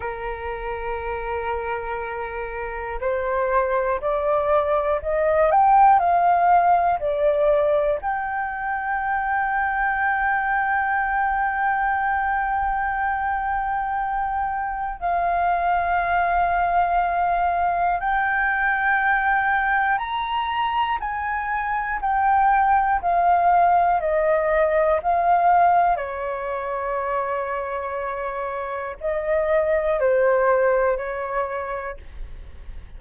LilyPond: \new Staff \with { instrumentName = "flute" } { \time 4/4 \tempo 4 = 60 ais'2. c''4 | d''4 dis''8 g''8 f''4 d''4 | g''1~ | g''2. f''4~ |
f''2 g''2 | ais''4 gis''4 g''4 f''4 | dis''4 f''4 cis''2~ | cis''4 dis''4 c''4 cis''4 | }